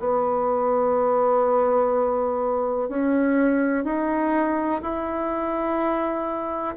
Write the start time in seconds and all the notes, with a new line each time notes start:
0.00 B3
2.89 C#4
3.85 D#4
4.83 E4